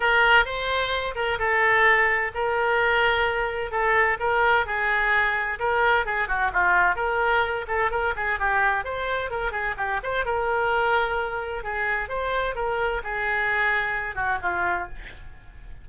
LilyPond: \new Staff \with { instrumentName = "oboe" } { \time 4/4 \tempo 4 = 129 ais'4 c''4. ais'8 a'4~ | a'4 ais'2. | a'4 ais'4 gis'2 | ais'4 gis'8 fis'8 f'4 ais'4~ |
ais'8 a'8 ais'8 gis'8 g'4 c''4 | ais'8 gis'8 g'8 c''8 ais'2~ | ais'4 gis'4 c''4 ais'4 | gis'2~ gis'8 fis'8 f'4 | }